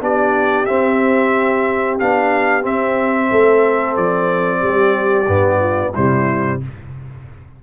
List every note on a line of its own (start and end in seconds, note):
0.00 0.66 B3
0.00 0.66 D4
0.00 3.30 G4
0.00 0.65 D5
0.65 1.99 C4
0.65 2.00 C4
0.65 1.97 E5
1.99 2.65 B3
1.99 2.61 D4
1.99 2.65 F5
2.61 5.25 C4
2.61 3.31 C4
2.61 3.96 E5
3.30 3.96 A3
3.30 4.60 A4
3.96 4.62 F3
3.96 5.94 D5
4.60 5.27 G3
4.60 5.59 G4
5.27 5.93 G2
5.27 5.93 B3
5.59 5.92 F4
5.94 6.63 C3
5.94 6.61 G3
5.94 6.59 E4
5.94 6.60 C5